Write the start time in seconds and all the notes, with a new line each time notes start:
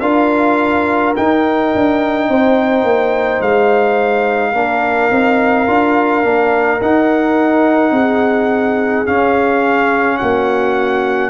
0.00 D4 F4 A#4 F5
1.16 D#4 G5
1.75 D4
2.29 C4 C5
2.83 A#3
3.41 G#3 F5
4.52 A#3 D4 A#4
5.11 C4 D#4
5.67 D4 F4
6.23 A#3 D4
6.81 D#4 F#5
7.91 C4 G#4
9.06 C#4 F5
10.17 A#3 F#4 F#5